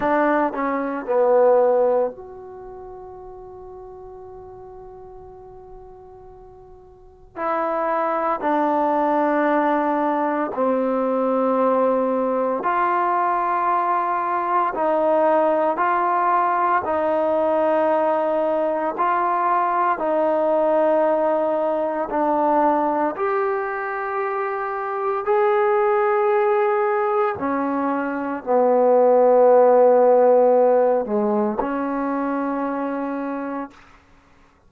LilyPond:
\new Staff \with { instrumentName = "trombone" } { \time 4/4 \tempo 4 = 57 d'8 cis'8 b4 fis'2~ | fis'2. e'4 | d'2 c'2 | f'2 dis'4 f'4 |
dis'2 f'4 dis'4~ | dis'4 d'4 g'2 | gis'2 cis'4 b4~ | b4. gis8 cis'2 | }